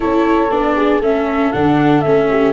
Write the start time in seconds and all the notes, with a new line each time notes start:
0.00 C#4 E4 A4 C#5
0.50 B3 D4 D5
0.76 G#4
1.00 A3 C#4 A4 E5
1.51 D3 D4 F#5
2.01 A3 C#4 E5
2.30 G4